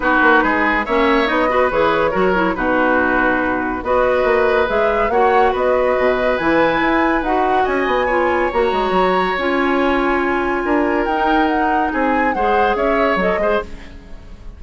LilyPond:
<<
  \new Staff \with { instrumentName = "flute" } { \time 4/4 \tempo 4 = 141 b'2 e''4 dis''4 | cis''2 b'2~ | b'4 dis''2 e''4 | fis''4 dis''2 gis''4~ |
gis''4 fis''4 gis''2 | ais''2 gis''2~ | gis''2 g''4 fis''4 | gis''4 fis''4 e''4 dis''4 | }
  \new Staff \with { instrumentName = "oboe" } { \time 4/4 fis'4 gis'4 cis''4. b'8~ | b'4 ais'4 fis'2~ | fis'4 b'2. | cis''4 b'2.~ |
b'2 dis''4 cis''4~ | cis''1~ | cis''4 ais'2. | gis'4 c''4 cis''4. c''8 | }
  \new Staff \with { instrumentName = "clarinet" } { \time 4/4 dis'2 cis'4 dis'8 fis'8 | gis'4 fis'8 e'8 dis'2~ | dis'4 fis'2 gis'4 | fis'2. e'4~ |
e'4 fis'2 f'4 | fis'2 f'2~ | f'2 dis'2~ | dis'4 gis'2 a'8 gis'8 | }
  \new Staff \with { instrumentName = "bassoon" } { \time 4/4 b8 ais8 gis4 ais4 b4 | e4 fis4 b,2~ | b,4 b4 ais4 gis4 | ais4 b4 b,4 e4 |
e'4 dis'4 cis'8 b4. | ais8 gis8 fis4 cis'2~ | cis'4 d'4 dis'2 | c'4 gis4 cis'4 fis8 gis8 | }
>>